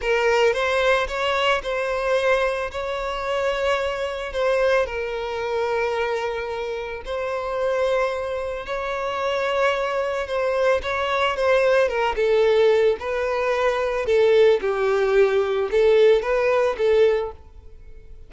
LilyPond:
\new Staff \with { instrumentName = "violin" } { \time 4/4 \tempo 4 = 111 ais'4 c''4 cis''4 c''4~ | c''4 cis''2. | c''4 ais'2.~ | ais'4 c''2. |
cis''2. c''4 | cis''4 c''4 ais'8 a'4. | b'2 a'4 g'4~ | g'4 a'4 b'4 a'4 | }